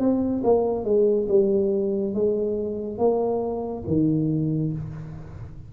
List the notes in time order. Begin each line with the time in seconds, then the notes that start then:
0.00 C4
0.44 A#3
0.85 G#3
1.29 G3
2.14 G#3
2.98 A#3
3.87 D#3